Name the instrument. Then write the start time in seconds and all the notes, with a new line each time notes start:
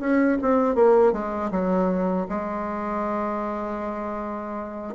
bassoon
0.00 C#4
0.42 C4
0.75 A#3
1.13 G#3
1.51 F#3
2.29 G#3